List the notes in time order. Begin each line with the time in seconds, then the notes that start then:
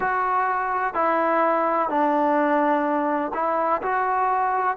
0.00 F#4
0.94 E4
1.89 D4
3.33 E4
3.82 F#4